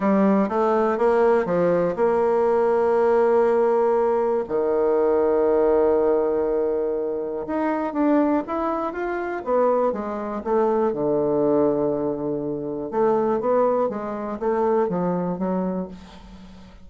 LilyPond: \new Staff \with { instrumentName = "bassoon" } { \time 4/4 \tempo 4 = 121 g4 a4 ais4 f4 | ais1~ | ais4 dis2.~ | dis2. dis'4 |
d'4 e'4 f'4 b4 | gis4 a4 d2~ | d2 a4 b4 | gis4 a4 f4 fis4 | }